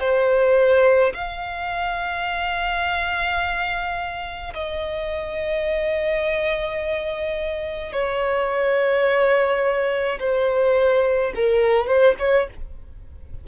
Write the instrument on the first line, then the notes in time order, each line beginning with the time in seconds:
violin
0.00 C5
1.14 F5
4.54 D#5
7.93 C#5
10.20 C5
11.35 A#4
11.87 C5
12.20 C#5